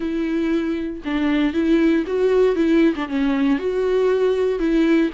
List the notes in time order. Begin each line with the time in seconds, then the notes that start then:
0.00 E4
1.05 D4
1.53 E4
2.07 F#4
2.55 E4
2.95 D4
3.08 C#4
3.58 F#4
4.59 E4